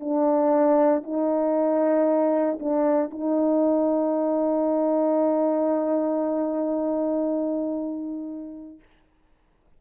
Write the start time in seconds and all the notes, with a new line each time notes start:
0.00 D4
1.03 D#4
2.60 D4
3.10 D#4